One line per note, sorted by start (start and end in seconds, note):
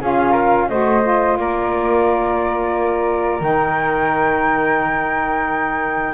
0.00 0.69 C#4
0.00 0.69 F4
0.00 0.31 G#4
0.00 0.69 F5
0.31 0.65 A#4
0.69 1.37 A3
0.69 1.01 F#4
0.69 1.38 C5
0.69 1.37 D#5
1.01 3.40 F4
1.37 3.40 A#3
1.37 6.13 A#4
1.37 3.42 D5
3.40 6.13 D#3
3.40 6.13 D#4
3.40 6.13 G5